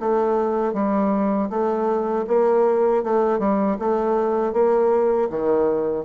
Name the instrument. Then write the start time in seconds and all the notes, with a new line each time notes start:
bassoon
0.00 A3
0.74 G3
1.50 A3
2.28 A#3
3.04 A3
3.39 G3
3.79 A3
4.53 A#3
5.30 D#3